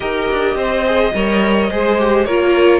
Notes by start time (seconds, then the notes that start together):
0.00 D#4 G4 A#4 D#5
0.31 D4
0.55 C4 C5
0.85 G#4
1.13 G3 A#4 C#5
1.70 G#3 G#4 C5
1.98 G4
2.25 A#3 F4 A#4 C#5